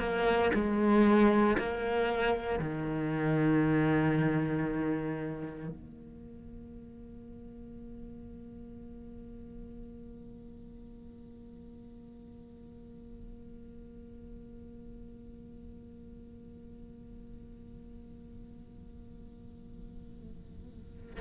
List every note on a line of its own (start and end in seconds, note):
0.00 0.52 A#3
0.55 1.58 G#3
1.58 2.60 A#3
2.60 5.69 D#3
5.69 21.21 A#3